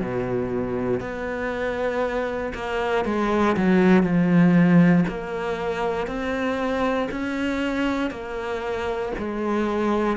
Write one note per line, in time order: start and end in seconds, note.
0.00 1.00 B2
1.00 2.53 B3
2.54 3.05 A#3
3.05 3.56 G#3
3.57 4.03 F#3
4.03 5.05 F3
5.08 6.07 A#3
6.07 7.09 C4
7.11 8.11 C#4
8.11 9.12 A#3
9.18 10.17 G#3